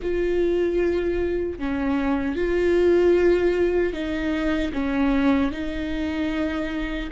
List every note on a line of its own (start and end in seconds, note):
0.01 1.58 F4
1.58 2.35 C#4
2.35 3.93 F4
3.93 4.72 D#4
4.72 5.51 C#4
5.51 7.09 D#4